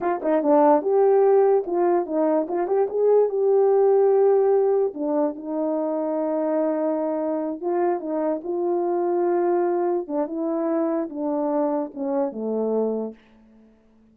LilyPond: \new Staff \with { instrumentName = "horn" } { \time 4/4 \tempo 4 = 146 f'8 dis'8 d'4 g'2 | f'4 dis'4 f'8 g'8 gis'4 | g'1 | d'4 dis'2.~ |
dis'2~ dis'8 f'4 dis'8~ | dis'8 f'2.~ f'8~ | f'8 d'8 e'2 d'4~ | d'4 cis'4 a2 | }